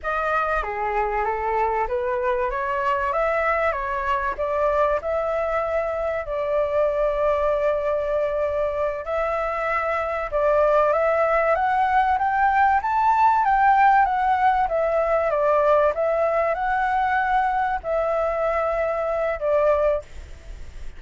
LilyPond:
\new Staff \with { instrumentName = "flute" } { \time 4/4 \tempo 4 = 96 dis''4 gis'4 a'4 b'4 | cis''4 e''4 cis''4 d''4 | e''2 d''2~ | d''2~ d''8 e''4.~ |
e''8 d''4 e''4 fis''4 g''8~ | g''8 a''4 g''4 fis''4 e''8~ | e''8 d''4 e''4 fis''4.~ | fis''8 e''2~ e''8 d''4 | }